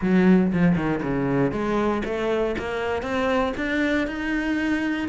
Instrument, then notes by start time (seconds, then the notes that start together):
cello
0.01 F#3
0.52 F3
0.76 D#3
1.02 C#3
1.51 G#3
2.04 A3
2.58 A#3
3.02 C4
3.56 D4
4.07 D#4